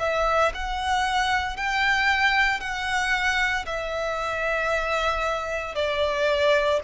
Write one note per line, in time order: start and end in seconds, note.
0.00 0.53 E5
0.55 1.57 F#5
1.57 2.61 G5
2.61 3.66 F#5
3.67 5.76 E5
5.76 6.81 D5